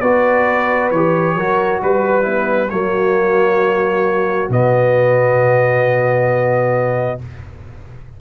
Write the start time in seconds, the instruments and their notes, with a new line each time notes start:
0.00 tuba B3, trombone F#4, horn B4, trumpet D5
0.90 tuba E3, trombone G4, trumpet C#5
1.35 tuba F#3, trombone F#4, horn A#4
1.82 tuba G3, trumpet B4, horn B4
2.22 horn B3, trombone E4
2.70 tuba F#3, trombone A#3, horn F#4, trumpet C#5
4.49 tuba B2, trombone B3, trumpet D#5